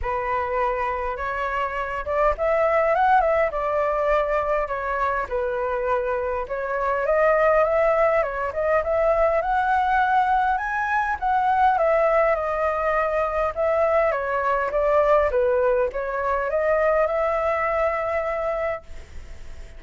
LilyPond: \new Staff \with { instrumentName = "flute" } { \time 4/4 \tempo 4 = 102 b'2 cis''4. d''8 | e''4 fis''8 e''8 d''2 | cis''4 b'2 cis''4 | dis''4 e''4 cis''8 dis''8 e''4 |
fis''2 gis''4 fis''4 | e''4 dis''2 e''4 | cis''4 d''4 b'4 cis''4 | dis''4 e''2. | }